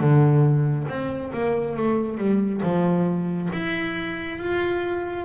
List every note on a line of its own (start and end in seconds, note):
0.00 0.87 D3
0.89 1.32 C4
1.33 1.76 A#3
1.76 2.17 A3
2.17 2.61 G3
2.62 3.49 F3
3.52 4.38 E4
4.38 5.25 F4